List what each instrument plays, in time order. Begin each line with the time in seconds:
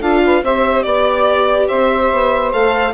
0.00 bassoon D4, viola F4, saxophone A4, violin F5
0.25 saxophone B4
0.42 bassoon C4, viola G4, saxophone C5, violin E5
0.82 bassoon B3, violin D5, saxophone D5
1.68 bassoon C4, saxophone C5, violin E5
2.11 bassoon B3
2.52 bassoon A3, viola A4, violin F5